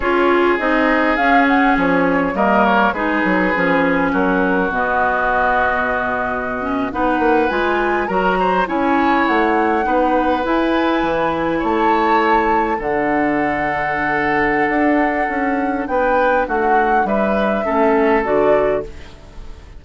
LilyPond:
<<
  \new Staff \with { instrumentName = "flute" } { \time 4/4 \tempo 4 = 102 cis''4 dis''4 f''8 fis''8 cis''4 | dis''8 cis''8 b'2 ais'4 | dis''2.~ dis''8. fis''16~ | fis''8. gis''4 ais''4 gis''4 fis''16~ |
fis''4.~ fis''16 gis''2 a''16~ | a''4.~ a''16 fis''2~ fis''16~ | fis''2. g''4 | fis''4 e''2 d''4 | }
  \new Staff \with { instrumentName = "oboe" } { \time 4/4 gis'1 | ais'4 gis'2 fis'4~ | fis'2.~ fis'8. b'16~ | b'4.~ b'16 ais'8 c''8 cis''4~ cis''16~ |
cis''8. b'2. cis''16~ | cis''4.~ cis''16 a'2~ a'16~ | a'2. b'4 | fis'4 b'4 a'2 | }
  \new Staff \with { instrumentName = "clarinet" } { \time 4/4 f'4 dis'4 cis'2 | ais4 dis'4 cis'2 | b2.~ b16 cis'8 dis'16~ | dis'8. f'4 fis'4 e'4~ e'16~ |
e'8. dis'4 e'2~ e'16~ | e'4.~ e'16 d'2~ d'16~ | d'1~ | d'2 cis'4 fis'4 | }
  \new Staff \with { instrumentName = "bassoon" } { \time 4/4 cis'4 c'4 cis'4 f4 | g4 gis8 fis8 f4 fis4 | b,2.~ b,8. b16~ | b16 ais8 gis4 fis4 cis'4 a16~ |
a8. b4 e'4 e4 a16~ | a4.~ a16 d2~ d16~ | d4 d'4 cis'4 b4 | a4 g4 a4 d4 | }
>>